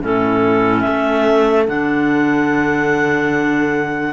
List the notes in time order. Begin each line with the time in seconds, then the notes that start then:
0.00 A2 C#4 E4 A4
0.81 A3 A4 E5
1.66 D3 D4 F#5